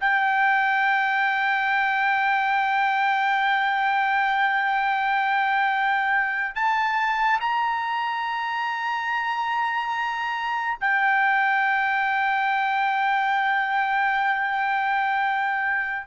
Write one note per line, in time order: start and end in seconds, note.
0.00 6.55 G5
6.55 7.39 A5
7.40 10.78 A#5
10.80 16.06 G5